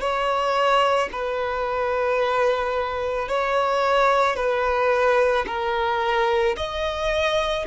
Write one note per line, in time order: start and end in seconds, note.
0.00 1.09 C#5
1.12 3.28 B4
3.28 4.36 C#5
4.36 5.45 B4
5.46 6.56 A#4
6.56 7.65 D#5